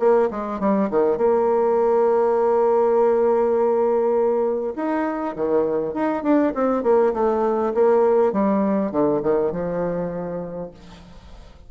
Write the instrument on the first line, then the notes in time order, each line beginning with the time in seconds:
bassoon
0.00 A#3
0.31 G#3
0.60 G3
0.91 D#3
1.18 A#3
4.76 D#4
5.36 D#3
5.94 D#4
6.23 D4
6.55 C4
6.84 A#3
7.14 A3
7.75 A#3
8.33 G3
8.92 D3
9.23 D#3
9.52 F3